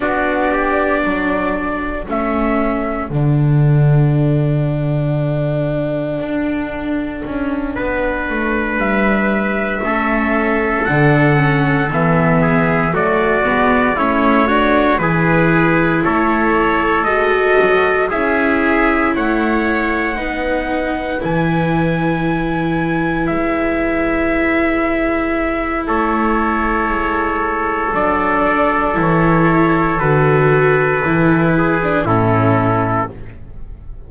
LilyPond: <<
  \new Staff \with { instrumentName = "trumpet" } { \time 4/4 \tempo 4 = 58 d''2 e''4 fis''4~ | fis''1~ | fis''8 e''2 fis''4 e''8~ | e''8 d''4 cis''4 b'4 cis''8~ |
cis''8 dis''4 e''4 fis''4.~ | fis''8 gis''2 e''4.~ | e''4 cis''2 d''4 | cis''4 b'2 a'4 | }
  \new Staff \with { instrumentName = "trumpet" } { \time 4/4 fis'8 g'8 a'2.~ | a'2.~ a'8 b'8~ | b'4. a'2~ a'8 | gis'8 fis'4 e'8 fis'8 gis'4 a'8~ |
a'4. gis'4 cis''4 b'8~ | b'1~ | b'4 a'2.~ | a'2~ a'8 gis'8 e'4 | }
  \new Staff \with { instrumentName = "viola" } { \time 4/4 d'2 cis'4 d'4~ | d'1~ | d'4. cis'4 d'8 cis'8 b8~ | b8 a8 b8 cis'8 d'8 e'4.~ |
e'8 fis'4 e'2 dis'8~ | dis'8 e'2.~ e'8~ | e'2. d'4 | e'4 fis'4 e'8. d'16 cis'4 | }
  \new Staff \with { instrumentName = "double bass" } { \time 4/4 b4 fis4 a4 d4~ | d2 d'4 cis'8 b8 | a8 g4 a4 d4 e8~ | e8 fis8 gis8 a4 e4 a8~ |
a8 gis8 fis8 cis'4 a4 b8~ | b8 e2 gis4.~ | gis4 a4 gis4 fis4 | e4 d4 e4 a,4 | }
>>